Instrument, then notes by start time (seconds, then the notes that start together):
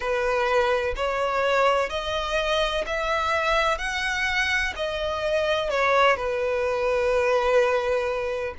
violin
0.00 B4
0.96 C#5
1.89 D#5
2.86 E5
3.78 F#5
4.76 D#5
5.69 C#5
6.16 B4